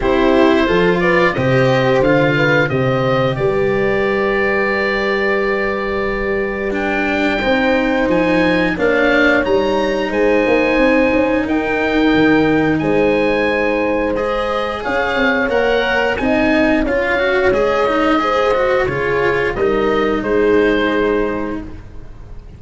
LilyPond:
<<
  \new Staff \with { instrumentName = "oboe" } { \time 4/4 \tempo 4 = 89 c''4. d''8 dis''4 f''4 | dis''4 d''2.~ | d''2 g''2 | gis''4 f''4 ais''4 gis''4~ |
gis''4 g''2 gis''4~ | gis''4 dis''4 f''4 fis''4 | gis''4 f''4 dis''2 | cis''4 dis''4 c''2 | }
  \new Staff \with { instrumentName = "horn" } { \time 4/4 g'4 a'8 b'8 c''4. b'8 | c''4 b'2.~ | b'2. c''4~ | c''4 cis''2 c''4~ |
c''4 ais'2 c''4~ | c''2 cis''2 | dis''4 cis''2 c''4 | gis'4 ais'4 gis'2 | }
  \new Staff \with { instrumentName = "cello" } { \time 4/4 e'4 f'4 g'4 f'4 | g'1~ | g'2 d'4 dis'4~ | dis'4 d'4 dis'2~ |
dis'1~ | dis'4 gis'2 ais'4 | dis'4 f'8 fis'8 gis'8 dis'8 gis'8 fis'8 | f'4 dis'2. | }
  \new Staff \with { instrumentName = "tuba" } { \time 4/4 c'4 f4 c4 d4 | c4 g2.~ | g2. c'4 | f4 ais4 g4 gis8 ais8 |
c'8 cis'8 dis'4 dis4 gis4~ | gis2 cis'8 c'8 ais4 | c'4 cis'4 gis2 | cis4 g4 gis2 | }
>>